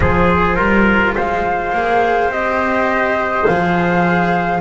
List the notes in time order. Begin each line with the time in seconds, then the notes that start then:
0.00 F3 F4 G#4 C5
0.55 G3 A#4
1.15 G#3 C5 F5
1.73 A#3 G#4
2.29 C4 G4 D#5
3.45 F3 G#4 F5